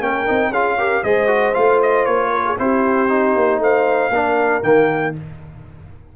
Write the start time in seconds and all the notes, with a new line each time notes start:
0.00 A#3 C#4 A#4 G5
0.26 C4 D#4
0.50 C#4 F4 G#4 F5
0.77 G4 A#4
1.03 G#3 G#4 C5 D#5
1.27 F#4
1.54 A3 F4 F5
1.82 D#5
2.05 A#3 C#5
2.31 A#4
2.45 G#4
2.59 C4 E4 G4 C5
3.09 D#4
3.35 A#3
3.58 A3 C5 F5
4.10 A#3 D4 A#4
4.62 D#3 A#3 G5